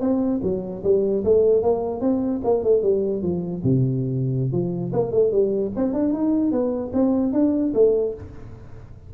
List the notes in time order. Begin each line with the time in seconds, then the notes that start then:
0.00 C4
0.42 F#3
0.83 G3
1.24 A3
1.62 A#3
2.00 C4
2.44 A#3
2.63 A3
2.82 G3
3.22 F3
3.63 C3
4.52 F3
4.93 A#3
5.11 A3
5.31 G3
5.75 C4
5.93 D4
6.13 D#4
6.51 B3
6.93 C4
7.32 D4
7.73 A3